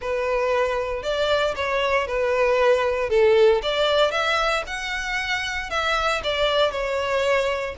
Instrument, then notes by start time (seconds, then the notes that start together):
violin
0.01 B4
1.03 D5
1.55 C#5
2.07 B4
3.09 A4
3.62 D5
4.11 E5
4.66 F#5
5.69 E5
6.23 D5
6.71 C#5